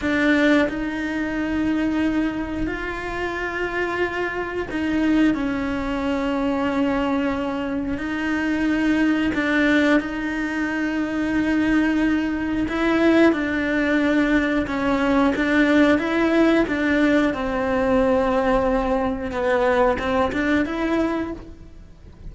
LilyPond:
\new Staff \with { instrumentName = "cello" } { \time 4/4 \tempo 4 = 90 d'4 dis'2. | f'2. dis'4 | cis'1 | dis'2 d'4 dis'4~ |
dis'2. e'4 | d'2 cis'4 d'4 | e'4 d'4 c'2~ | c'4 b4 c'8 d'8 e'4 | }